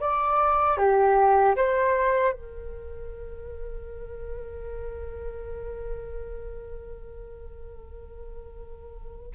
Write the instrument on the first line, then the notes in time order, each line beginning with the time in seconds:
flute
0.00 D5
0.77 G4
1.55 C5
2.32 A#4